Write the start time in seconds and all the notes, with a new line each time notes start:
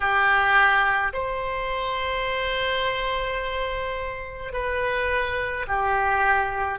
0.00 G4
1.13 C5
4.52 B4
5.67 G4